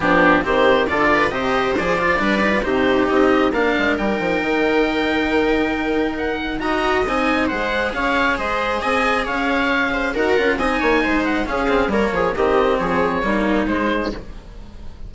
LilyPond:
<<
  \new Staff \with { instrumentName = "oboe" } { \time 4/4 \tempo 4 = 136 g'4 c''4 d''4 dis''4 | d''2 c''4 dis''4 | f''4 g''2.~ | g''2 fis''4 ais''4 |
gis''4 fis''4 f''4 dis''4 | gis''4 f''2 fis''4 | gis''4. fis''8 f''4 cis''4 | dis''4 cis''2 c''4 | }
  \new Staff \with { instrumentName = "viola" } { \time 4/4 d'4 g'4 a'8 b'8 c''4~ | c''4 b'4 g'2 | ais'1~ | ais'2. dis''4~ |
dis''4 c''4 cis''4 c''4 | dis''4 cis''4. c''8 ais'4 | dis''8 cis''8 c''4 gis'4 ais'8 gis'8 | g'4 gis'4 dis'2 | }
  \new Staff \with { instrumentName = "cello" } { \time 4/4 b4 c'4 f'4 g'4 | gis'8 f'8 d'8 dis'16 f'16 dis'2 | d'4 dis'2.~ | dis'2. fis'4 |
dis'4 gis'2.~ | gis'2. fis'8 f'8 | dis'2 cis'8 c'8 ais4 | c'2 ais4 gis4 | }
  \new Staff \with { instrumentName = "bassoon" } { \time 4/4 f4 dis4 d4 c4 | f4 g4 c4 c'4 | ais8 gis8 g8 f8 dis2~ | dis2. dis'4 |
c'4 gis4 cis'4 gis4 | c'4 cis'2 dis'8 cis'8 | c'8 ais8 gis4 cis'4 g8 f8 | dis4 f4 g4 gis4 | }
>>